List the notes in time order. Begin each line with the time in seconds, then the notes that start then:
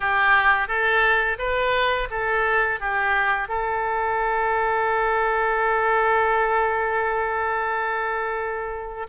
0.00 G4
0.68 A4
1.38 B4
2.10 A4
2.80 G4
3.48 A4